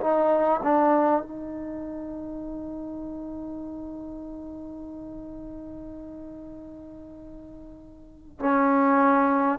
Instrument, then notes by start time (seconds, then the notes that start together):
trombone
0.00 D#4
0.63 D4
1.22 D#4
8.39 C#4